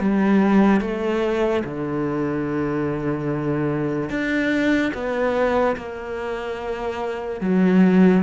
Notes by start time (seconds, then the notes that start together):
0.00 G3
0.81 A3
1.64 D3
4.09 D4
4.94 B3
5.76 A#3
7.41 F#3